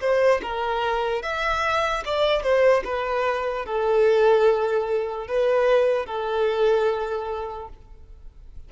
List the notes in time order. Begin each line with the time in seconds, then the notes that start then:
0.00 C5
0.42 A#4
1.22 E5
2.05 D5
2.42 C5
2.84 B4
3.65 A4
5.27 B4
6.06 A4